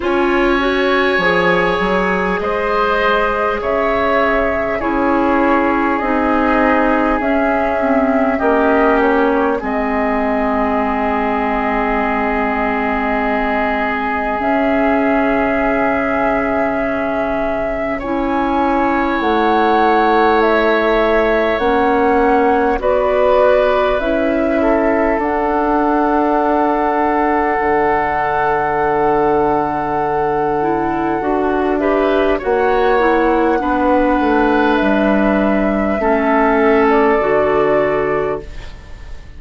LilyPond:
<<
  \new Staff \with { instrumentName = "flute" } { \time 4/4 \tempo 4 = 50 gis''2 dis''4 e''4 | cis''4 dis''4 e''4 dis''8 cis''8 | dis''1 | e''2. gis''4 |
fis''4 e''4 fis''4 d''4 | e''4 fis''2.~ | fis''2~ fis''8 e''8 fis''4~ | fis''4 e''4.~ e''16 d''4~ d''16 | }
  \new Staff \with { instrumentName = "oboe" } { \time 4/4 cis''2 c''4 cis''4 | gis'2. g'4 | gis'1~ | gis'2. cis''4~ |
cis''2. b'4~ | b'8 a'2.~ a'8~ | a'2~ a'8 b'8 cis''4 | b'2 a'2 | }
  \new Staff \with { instrumentName = "clarinet" } { \time 4/4 f'8 fis'8 gis'2. | e'4 dis'4 cis'8 c'8 cis'4 | c'1 | cis'2. e'4~ |
e'2 cis'4 fis'4 | e'4 d'2.~ | d'4. e'8 fis'8 g'8 fis'8 e'8 | d'2 cis'4 fis'4 | }
  \new Staff \with { instrumentName = "bassoon" } { \time 4/4 cis'4 f8 fis8 gis4 cis4 | cis'4 c'4 cis'4 ais4 | gis1 | cis2. cis'4 |
a2 ais4 b4 | cis'4 d'2 d4~ | d2 d'4 ais4 | b8 a8 g4 a4 d4 | }
>>